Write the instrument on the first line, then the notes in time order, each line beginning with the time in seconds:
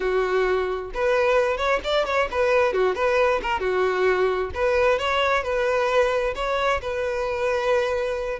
violin
0.00 F#4
0.94 B4
1.57 C#5
1.84 D5
2.05 C#5
2.31 B4
2.73 F#4
2.95 B4
3.42 A#4
3.60 F#4
4.54 B4
4.99 C#5
5.43 B4
6.35 C#5
6.81 B4